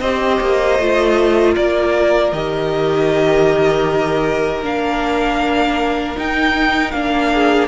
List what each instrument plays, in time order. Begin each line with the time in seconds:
0.00 cello C4, viola G4, violin C5 D#5
0.40 cello A#3
0.79 cello A3, viola F4
1.54 cello A#3, violin A#4 D5
2.32 cello D#3, viola G4, violin D#5
4.62 cello A#3, viola D4, violin F5
6.16 viola D#4, cello D#4, violin G5
6.91 cello A#3, viola D4, violin F5
7.33 violin G#4